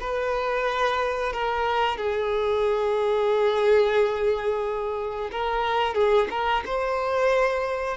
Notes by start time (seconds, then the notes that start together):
0.00 B4
1.32 A#4
1.97 G#4
5.32 A#4
5.94 G#4
6.30 A#4
6.65 C5